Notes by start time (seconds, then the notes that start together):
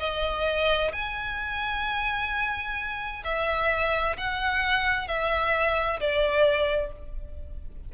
0.00 D#5
0.93 G#5
3.25 E5
4.18 F#5
5.08 E5
6.00 D5